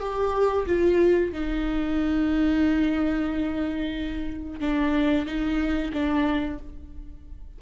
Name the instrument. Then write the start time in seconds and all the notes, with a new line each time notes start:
viola
0.00 G4
0.67 F4
1.33 D#4
4.61 D4
5.26 D#4
5.93 D4